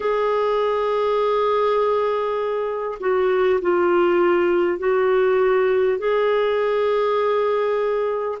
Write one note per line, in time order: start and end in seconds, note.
0.00 2.98 G#4
2.99 3.59 F#4
3.61 4.78 F4
4.78 5.98 F#4
5.98 8.38 G#4